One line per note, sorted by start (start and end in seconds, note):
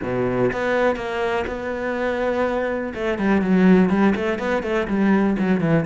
0.02 0.51 B2
0.52 0.96 B3
0.96 1.45 A#3
1.47 2.93 B3
2.94 3.18 A3
3.18 3.41 G3
3.41 3.89 F#3
3.89 4.13 G3
4.15 4.38 A3
4.38 4.62 B3
4.62 4.87 A3
4.87 5.36 G3
5.38 5.60 F#3
5.60 5.84 E3